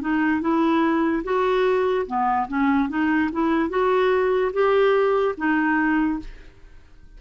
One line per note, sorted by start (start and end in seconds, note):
0.00 0.41 D#4
0.41 1.23 E4
1.24 2.06 F#4
2.06 2.47 B3
2.48 2.89 C#4
2.89 3.30 D#4
3.32 3.69 E4
3.69 4.51 F#4
4.52 5.35 G4
5.37 6.19 D#4